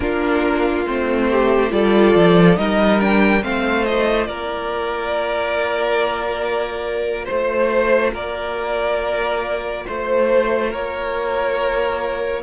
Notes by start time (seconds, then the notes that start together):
0.00 A#3 D4 F4 A#4
0.86 A3 C4 C5
1.29 G4
1.70 G3 F4 A4 D5
2.14 F3
2.56 G3 D#4 A#4 D#5
2.99 D4 G5
3.42 A3 C4 C5 F5
3.84 F4 D#5
4.25 A#3 A#4 D5
7.25 A3 C5
8.13 A#3 A#4 D5
9.86 A3 C5
10.70 A#3 A#4 C#5